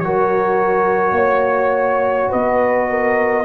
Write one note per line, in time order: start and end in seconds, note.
0.00 1.12 F#3
0.00 3.45 F#4
0.00 1.15 A#4
0.00 2.31 C#5
1.12 2.27 A#3
1.12 2.30 C#5
2.30 3.45 B3
2.30 2.87 B4
2.30 3.45 D#5
2.90 3.45 A#4